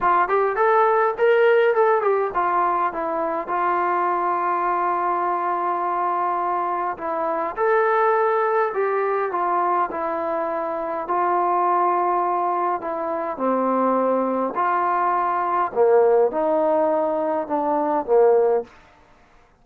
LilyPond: \new Staff \with { instrumentName = "trombone" } { \time 4/4 \tempo 4 = 103 f'8 g'8 a'4 ais'4 a'8 g'8 | f'4 e'4 f'2~ | f'1 | e'4 a'2 g'4 |
f'4 e'2 f'4~ | f'2 e'4 c'4~ | c'4 f'2 ais4 | dis'2 d'4 ais4 | }